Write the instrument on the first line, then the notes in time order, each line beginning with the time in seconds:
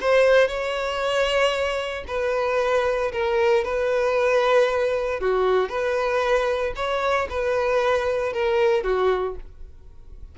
violin
0.00 C5
0.47 C#5
2.07 B4
3.12 A#4
3.64 B4
5.20 F#4
5.68 B4
6.75 C#5
7.29 B4
8.33 A#4
8.83 F#4